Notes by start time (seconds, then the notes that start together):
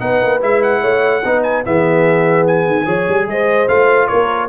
0.00 B3 D#4 B4 F#5
0.23 A#3
0.41 G#3 E4 E5
0.63 F#5
0.81 A3 C#5
1.24 B3 D#4 B4
1.43 G#5
1.65 E3 B3 G#4 E5
2.47 G#5
2.67 D#3
2.86 F3 G#4 C#5
3.09 G3
3.27 G#3 C5 D#5
3.68 A3 F4 F5
4.08 A#3 A#4 C#5